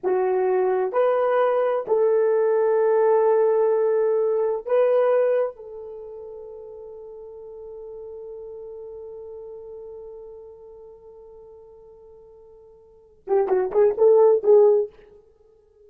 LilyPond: \new Staff \with { instrumentName = "horn" } { \time 4/4 \tempo 4 = 129 fis'2 b'2 | a'1~ | a'2 b'2 | a'1~ |
a'1~ | a'1~ | a'1~ | a'8 g'8 fis'8 gis'8 a'4 gis'4 | }